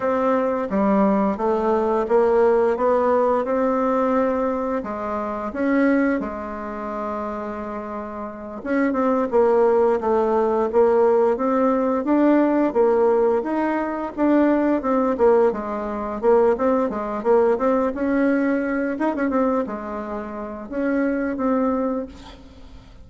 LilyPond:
\new Staff \with { instrumentName = "bassoon" } { \time 4/4 \tempo 4 = 87 c'4 g4 a4 ais4 | b4 c'2 gis4 | cis'4 gis2.~ | gis8 cis'8 c'8 ais4 a4 ais8~ |
ais8 c'4 d'4 ais4 dis'8~ | dis'8 d'4 c'8 ais8 gis4 ais8 | c'8 gis8 ais8 c'8 cis'4. dis'16 cis'16 | c'8 gis4. cis'4 c'4 | }